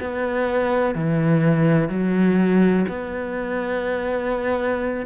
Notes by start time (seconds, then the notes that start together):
0.00 B3
0.95 E3
1.89 F#3
2.89 B3